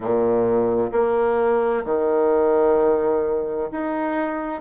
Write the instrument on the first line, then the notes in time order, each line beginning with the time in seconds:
bassoon
0.00 A#2
0.92 A#3
1.85 D#3
3.71 D#4